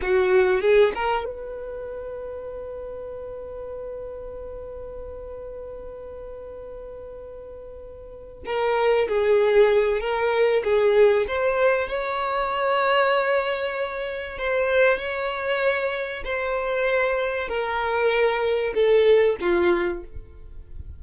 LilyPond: \new Staff \with { instrumentName = "violin" } { \time 4/4 \tempo 4 = 96 fis'4 gis'8 ais'8 b'2~ | b'1~ | b'1~ | b'4. ais'4 gis'4. |
ais'4 gis'4 c''4 cis''4~ | cis''2. c''4 | cis''2 c''2 | ais'2 a'4 f'4 | }